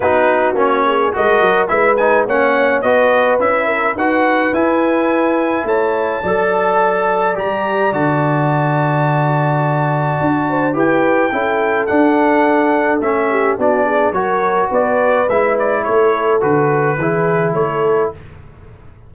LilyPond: <<
  \new Staff \with { instrumentName = "trumpet" } { \time 4/4 \tempo 4 = 106 b'4 cis''4 dis''4 e''8 gis''8 | fis''4 dis''4 e''4 fis''4 | gis''2 a''2~ | a''4 ais''4 a''2~ |
a''2. g''4~ | g''4 fis''2 e''4 | d''4 cis''4 d''4 e''8 d''8 | cis''4 b'2 cis''4 | }
  \new Staff \with { instrumentName = "horn" } { \time 4/4 fis'4. gis'8 ais'4 b'4 | cis''4 b'4. ais'8 b'4~ | b'2 cis''4 d''4~ | d''1~ |
d''2~ d''8 c''8 b'4 | a'2.~ a'8 g'8 | fis'8 gis'8 ais'4 b'2 | a'2 gis'4 a'4 | }
  \new Staff \with { instrumentName = "trombone" } { \time 4/4 dis'4 cis'4 fis'4 e'8 dis'8 | cis'4 fis'4 e'4 fis'4 | e'2. a'4~ | a'4 g'4 fis'2~ |
fis'2. g'4 | e'4 d'2 cis'4 | d'4 fis'2 e'4~ | e'4 fis'4 e'2 | }
  \new Staff \with { instrumentName = "tuba" } { \time 4/4 b4 ais4 gis8 fis8 gis4 | ais4 b4 cis'4 dis'4 | e'2 a4 fis4~ | fis4 g4 d2~ |
d2 d'4 e'4 | cis'4 d'2 a4 | b4 fis4 b4 gis4 | a4 d4 e4 a4 | }
>>